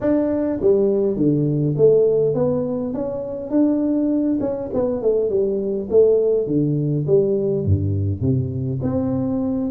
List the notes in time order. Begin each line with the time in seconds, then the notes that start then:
0.01 D4
0.60 G3
1.16 D3
1.77 A3
2.34 B3
2.93 C#4
3.50 D4
4.40 C#4
4.73 B3
5.02 A3
5.29 G3
5.90 A3
6.47 D3
7.06 G3
7.65 G2
8.21 C3
8.82 C4